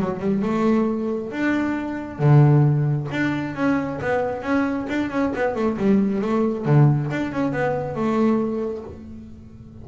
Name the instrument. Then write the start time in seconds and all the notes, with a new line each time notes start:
double bass
0.00 F#3
0.20 G3
0.42 A3
1.31 D4
2.19 D3
3.11 D4
3.55 C#4
4.01 B3
4.42 C#4
4.89 D4
5.10 C#4
5.35 B3
5.55 A3
5.77 G3
6.21 A3
6.65 D3
7.11 D4
7.32 C#4
7.52 B3
7.95 A3